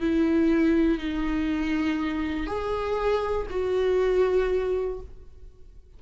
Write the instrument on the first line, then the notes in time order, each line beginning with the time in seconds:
viola
0.00 E4
0.98 D#4
2.47 G#4
3.50 F#4